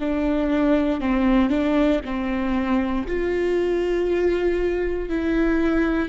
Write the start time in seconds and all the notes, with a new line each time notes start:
0.00 D4
1.01 C4
1.50 D4
2.05 C4
3.07 F4
5.09 E4